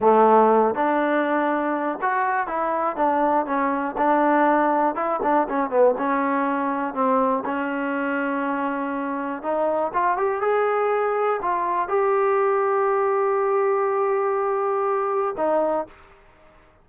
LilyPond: \new Staff \with { instrumentName = "trombone" } { \time 4/4 \tempo 4 = 121 a4. d'2~ d'8 | fis'4 e'4 d'4 cis'4 | d'2 e'8 d'8 cis'8 b8 | cis'2 c'4 cis'4~ |
cis'2. dis'4 | f'8 g'8 gis'2 f'4 | g'1~ | g'2. dis'4 | }